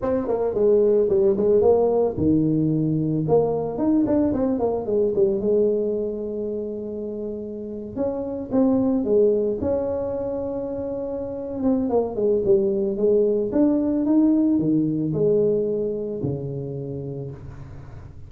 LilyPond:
\new Staff \with { instrumentName = "tuba" } { \time 4/4 \tempo 4 = 111 c'8 ais8 gis4 g8 gis8 ais4 | dis2 ais4 dis'8 d'8 | c'8 ais8 gis8 g8 gis2~ | gis2~ gis8. cis'4 c'16~ |
c'8. gis4 cis'2~ cis'16~ | cis'4. c'8 ais8 gis8 g4 | gis4 d'4 dis'4 dis4 | gis2 cis2 | }